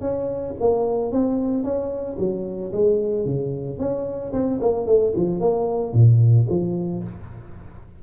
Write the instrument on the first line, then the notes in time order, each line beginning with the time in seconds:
tuba
0.00 C#4
0.60 A#3
1.11 C4
1.63 C#4
2.18 F#3
2.72 G#3
3.25 C#3
3.78 C#4
4.32 C4
4.60 A#3
4.86 A3
5.16 F3
5.40 A#3
5.93 A#2
6.49 F3